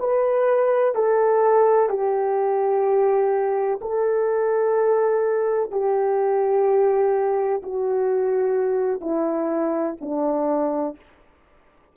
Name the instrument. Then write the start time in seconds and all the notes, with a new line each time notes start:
horn
0.00 B4
0.95 A4
1.90 G4
3.81 A4
5.71 G4
7.63 F#4
9.01 E4
10.01 D4